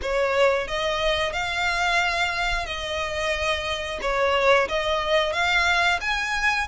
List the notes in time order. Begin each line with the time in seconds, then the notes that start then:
0.02 C#5
0.67 D#5
1.32 F5
2.65 D#5
4.01 C#5
4.68 D#5
5.32 F5
6.01 G#5